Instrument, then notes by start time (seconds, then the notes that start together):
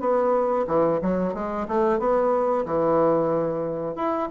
bassoon
0.00 B3
0.67 E3
1.02 F#3
1.34 G#3
1.68 A3
1.99 B3
2.66 E3
3.96 E4